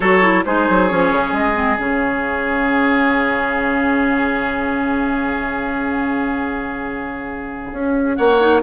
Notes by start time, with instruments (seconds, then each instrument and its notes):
0.00 bassoon F#3, clarinet F#4, oboe A4, flute C#5
0.22 clarinet E4
0.45 bassoon G#3, clarinet D#4, oboe G#4, flute C5
0.69 bassoon F#3
0.88 bassoon F3, clarinet C#4, flute C#5
1.11 bassoon C#3
1.32 bassoon G#3, flute D#5
1.54 clarinet C4
1.77 bassoon C#3, clarinet C#4, flute F5
7.72 bassoon C#4
8.15 bassoon A#3, oboe C#5, flute F#5
8.39 clarinet D#4